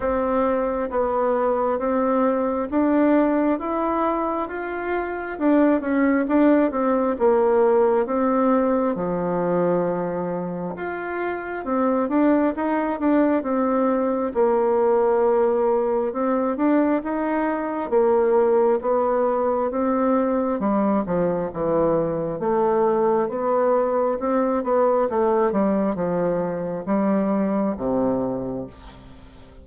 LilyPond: \new Staff \with { instrumentName = "bassoon" } { \time 4/4 \tempo 4 = 67 c'4 b4 c'4 d'4 | e'4 f'4 d'8 cis'8 d'8 c'8 | ais4 c'4 f2 | f'4 c'8 d'8 dis'8 d'8 c'4 |
ais2 c'8 d'8 dis'4 | ais4 b4 c'4 g8 f8 | e4 a4 b4 c'8 b8 | a8 g8 f4 g4 c4 | }